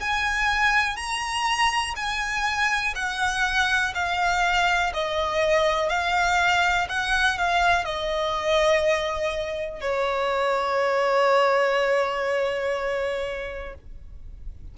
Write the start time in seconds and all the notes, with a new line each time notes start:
0.00 G#5
0.97 A#5
1.96 G#5
2.96 F#5
3.95 F5
4.94 D#5
5.89 F5
6.89 F#5
7.38 F5
7.85 D#5
9.81 C#5